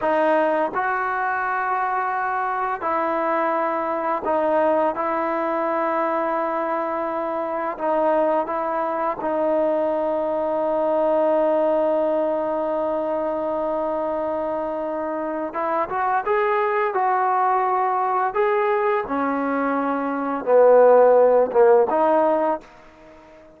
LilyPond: \new Staff \with { instrumentName = "trombone" } { \time 4/4 \tempo 4 = 85 dis'4 fis'2. | e'2 dis'4 e'4~ | e'2. dis'4 | e'4 dis'2.~ |
dis'1~ | dis'2 e'8 fis'8 gis'4 | fis'2 gis'4 cis'4~ | cis'4 b4. ais8 dis'4 | }